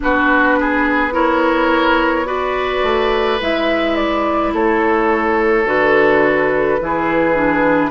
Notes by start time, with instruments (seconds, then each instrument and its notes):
0.00 bassoon B3, clarinet D4, oboe F#4, flute B4
0.59 oboe G#4
1.12 clarinet E4, oboe A#4, flute C#5
2.24 clarinet F#4, oboe B4, flute D5
2.83 bassoon A3
3.40 bassoon G#3, clarinet E4, flute E5
3.96 flute D5
4.53 bassoon A3, oboe A4, flute C#5
5.65 bassoon D3, clarinet F#4, flute B4
6.80 bassoon E3, clarinet E4, oboe G#4
7.34 clarinet D4